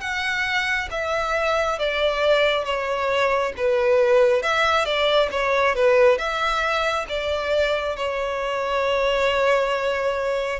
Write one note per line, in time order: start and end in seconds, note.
0.00 0.88 F#5
0.91 1.78 E5
1.78 2.64 D5
2.64 3.53 C#5
3.57 4.42 B4
4.42 4.84 E5
4.84 5.29 D5
5.31 5.75 C#5
5.75 6.18 B4
6.18 7.06 E5
7.08 7.96 D5
7.96 10.59 C#5